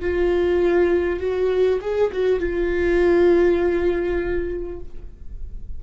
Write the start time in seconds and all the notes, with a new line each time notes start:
0.00 F4
1.19 F#4
1.81 G#4
2.12 F#4
2.39 F4